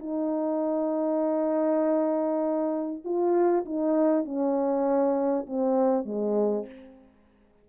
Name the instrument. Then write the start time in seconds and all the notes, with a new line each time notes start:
horn
0.00 D#4
3.05 F4
3.66 D#4
4.25 C#4
5.47 C4
6.06 G#3